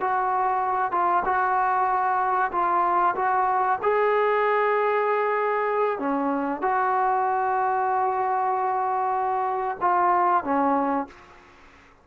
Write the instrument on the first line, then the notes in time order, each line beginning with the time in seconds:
trombone
0.00 F#4
0.92 F4
1.25 F#4
2.51 F4
3.15 F#4
3.82 G#4
5.99 C#4
6.61 F#4
9.80 F4
10.44 C#4